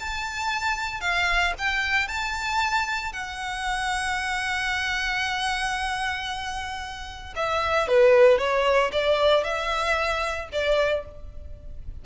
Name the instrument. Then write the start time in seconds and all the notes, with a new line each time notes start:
violin
0.00 A5
1.01 F5
1.58 G5
2.08 A5
3.13 F#5
7.36 E5
7.88 B4
8.39 C#5
8.92 D5
9.44 E5
10.52 D5